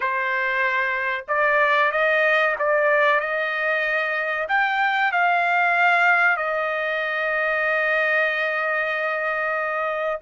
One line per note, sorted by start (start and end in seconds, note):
0.00 1.24 C5
1.28 1.91 D5
1.91 2.55 D#5
2.59 3.20 D5
3.20 4.47 D#5
4.48 5.12 G5
5.12 6.37 F5
6.37 10.20 D#5